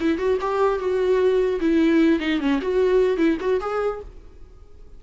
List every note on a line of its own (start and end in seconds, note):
0.00 0.18 E4
0.18 0.38 F#4
0.41 0.79 G4
0.79 1.60 F#4
1.61 2.20 E4
2.20 2.40 D#4
2.40 2.60 C#4
2.62 3.18 F#4
3.18 3.38 E4
3.41 3.61 F#4
3.61 4.01 G#4